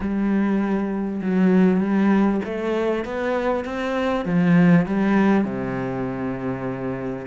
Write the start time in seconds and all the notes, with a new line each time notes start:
0.00 G3
1.21 F#3
1.80 G3
2.44 A3
3.04 B3
3.64 C4
4.25 F3
4.85 G3
5.44 C3